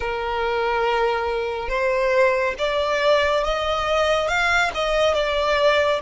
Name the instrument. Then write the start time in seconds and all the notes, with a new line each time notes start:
violin
0.00 A#4
1.68 C5
2.58 D5
3.44 D#5
4.27 F5
4.74 D#5
5.14 D5